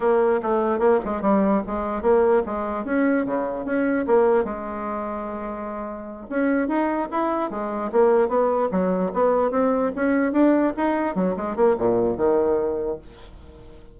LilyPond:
\new Staff \with { instrumentName = "bassoon" } { \time 4/4 \tempo 4 = 148 ais4 a4 ais8 gis8 g4 | gis4 ais4 gis4 cis'4 | cis4 cis'4 ais4 gis4~ | gis2.~ gis8 cis'8~ |
cis'8 dis'4 e'4 gis4 ais8~ | ais8 b4 fis4 b4 c'8~ | c'8 cis'4 d'4 dis'4 fis8 | gis8 ais8 ais,4 dis2 | }